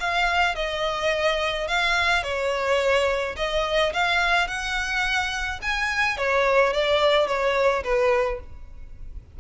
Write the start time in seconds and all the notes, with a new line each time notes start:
0.00 F5
0.56 D#5
1.68 F5
2.23 C#5
3.37 D#5
3.93 F5
4.48 F#5
5.62 G#5
6.17 C#5
6.73 D5
7.27 C#5
7.84 B4